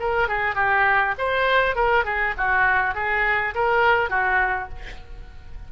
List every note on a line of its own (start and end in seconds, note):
0.00 0.29 A#4
0.29 0.55 G#4
0.55 1.15 G4
1.19 1.76 C5
1.76 2.05 A#4
2.05 2.35 G#4
2.38 2.95 F#4
2.95 3.55 G#4
3.55 4.10 A#4
4.10 4.70 F#4